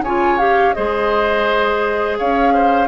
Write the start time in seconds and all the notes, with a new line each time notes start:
0.00 C#3 F4 C#5 G#5
0.38 G4 F5
0.74 G#3 G#4 C5 D#5
2.18 C#4 C#5 F5
2.53 C5